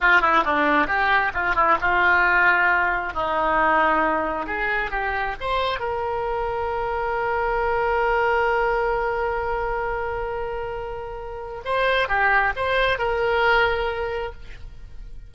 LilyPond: \new Staff \with { instrumentName = "oboe" } { \time 4/4 \tempo 4 = 134 f'8 e'8 d'4 g'4 f'8 e'8 | f'2. dis'4~ | dis'2 gis'4 g'4 | c''4 ais'2.~ |
ais'1~ | ais'1~ | ais'2 c''4 g'4 | c''4 ais'2. | }